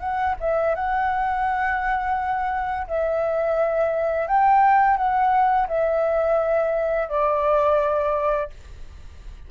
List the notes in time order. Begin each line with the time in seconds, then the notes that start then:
0.00 F#5
0.41 E5
0.75 F#5
2.88 E5
4.28 G5
4.97 F#5
5.68 E5
7.09 D5